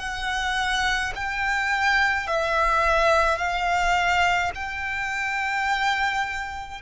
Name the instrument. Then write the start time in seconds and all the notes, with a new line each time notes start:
violin
0.00 F#5
1.16 G5
2.27 E5
3.39 F5
4.55 G5